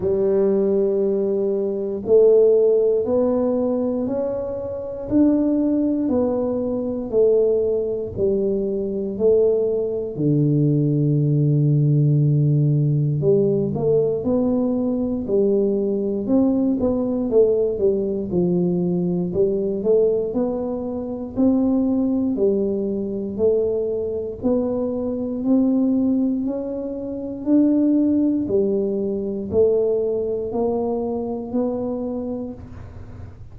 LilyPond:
\new Staff \with { instrumentName = "tuba" } { \time 4/4 \tempo 4 = 59 g2 a4 b4 | cis'4 d'4 b4 a4 | g4 a4 d2~ | d4 g8 a8 b4 g4 |
c'8 b8 a8 g8 f4 g8 a8 | b4 c'4 g4 a4 | b4 c'4 cis'4 d'4 | g4 a4 ais4 b4 | }